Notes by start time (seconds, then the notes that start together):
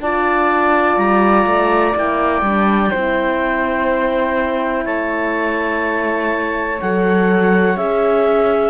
0.00 D4 F4 D5 A5
0.97 G3 A#5
1.46 A3
1.95 A#3 E4 G5
2.42 G3 D4
2.90 C4 E4 C5
4.85 A3 C#5 A5
6.80 F#3 A4 F#5
7.76 C#4 G#4 E5